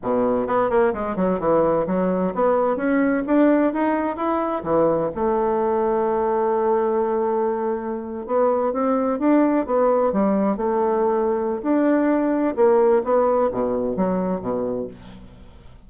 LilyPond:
\new Staff \with { instrumentName = "bassoon" } { \time 4/4 \tempo 4 = 129 b,4 b8 ais8 gis8 fis8 e4 | fis4 b4 cis'4 d'4 | dis'4 e'4 e4 a4~ | a1~ |
a4.~ a16 b4 c'4 d'16~ | d'8. b4 g4 a4~ a16~ | a4 d'2 ais4 | b4 b,4 fis4 b,4 | }